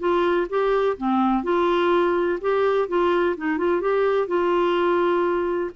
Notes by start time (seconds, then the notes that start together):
0.00 F4
0.50 G4
0.98 C4
1.44 F4
2.42 G4
2.89 F4
3.37 D#4
3.58 F4
3.82 G4
4.28 F4